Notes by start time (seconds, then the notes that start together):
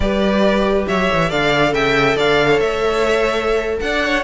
0.00 G3 G4 B4 D5
0.87 F#3 C#5 E5
1.13 E3
1.29 D3 A4 D5 F5
1.72 C#3 E5 G5
2.16 D3 D5 F5
2.48 C#5
2.59 A3 E5
3.81 D4 D5 F#5
4.05 C#5